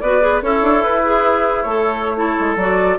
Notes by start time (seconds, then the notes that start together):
0.00 B3 F#4 B4 D5
0.20 G#4
0.42 C#4 E4 A4 C#5
0.62 D4
0.83 E4 B4
1.04 G#4
1.62 A3 A4 C#5
2.15 E4 A4
2.39 G#3
2.56 F#3 F#4 D5